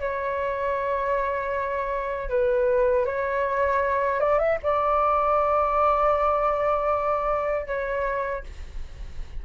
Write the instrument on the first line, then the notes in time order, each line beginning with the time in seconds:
flute
0.00 C#5
2.30 B4
3.06 C#5
4.20 D5
4.40 E5
4.63 D5
7.67 C#5